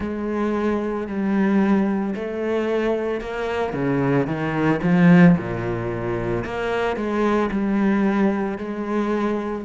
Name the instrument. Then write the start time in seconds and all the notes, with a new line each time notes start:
cello
0.00 G#3
1.07 G3
2.15 A3
3.20 A#3
3.73 C#3
4.26 D#3
4.82 F3
5.37 A#2
6.44 A#3
6.96 G#3
7.50 G3
8.58 G#3